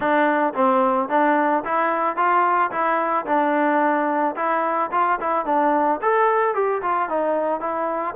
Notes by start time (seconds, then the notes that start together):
0.00 D4
0.54 C4
1.09 D4
1.64 E4
2.16 F4
2.71 E4
3.26 D4
4.36 E4
4.91 F4
5.20 E4
5.45 D4
6.01 A4
6.54 G4
6.82 F4
7.09 D#4
7.60 E4